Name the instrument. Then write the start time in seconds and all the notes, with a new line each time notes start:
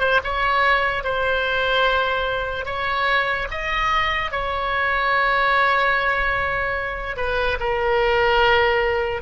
oboe
0.00 C5
0.24 C#5
1.04 C5
2.66 C#5
3.51 D#5
4.32 C#5
7.17 B4
7.60 A#4